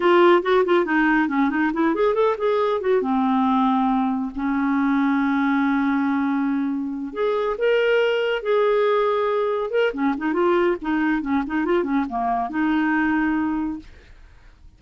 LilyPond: \new Staff \with { instrumentName = "clarinet" } { \time 4/4 \tempo 4 = 139 f'4 fis'8 f'8 dis'4 cis'8 dis'8 | e'8 gis'8 a'8 gis'4 fis'8 c'4~ | c'2 cis'2~ | cis'1~ |
cis'8 gis'4 ais'2 gis'8~ | gis'2~ gis'8 ais'8 cis'8 dis'8 | f'4 dis'4 cis'8 dis'8 f'8 cis'8 | ais4 dis'2. | }